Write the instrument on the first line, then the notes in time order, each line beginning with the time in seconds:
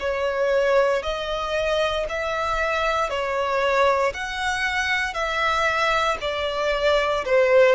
violin
0.00 C#5
1.03 D#5
2.09 E5
3.10 C#5
4.14 F#5
5.14 E5
6.21 D5
7.25 C5